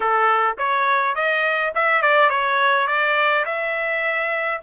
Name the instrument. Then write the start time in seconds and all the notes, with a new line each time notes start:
trumpet
0.00 A4
0.57 C#5
1.15 D#5
1.74 E5
2.02 D5
2.29 C#5
2.87 D5
3.45 E5